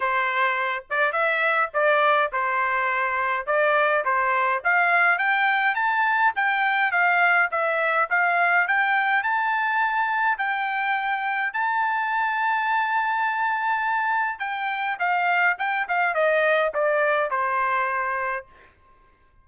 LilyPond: \new Staff \with { instrumentName = "trumpet" } { \time 4/4 \tempo 4 = 104 c''4. d''8 e''4 d''4 | c''2 d''4 c''4 | f''4 g''4 a''4 g''4 | f''4 e''4 f''4 g''4 |
a''2 g''2 | a''1~ | a''4 g''4 f''4 g''8 f''8 | dis''4 d''4 c''2 | }